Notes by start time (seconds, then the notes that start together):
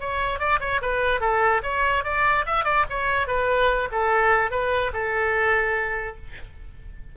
0.00 C#5
0.39 D5
0.60 C#5
0.82 B4
1.20 A4
1.63 C#5
2.04 D5
2.46 E5
2.65 D5
2.90 C#5
3.27 B4
3.92 A4
4.51 B4
4.93 A4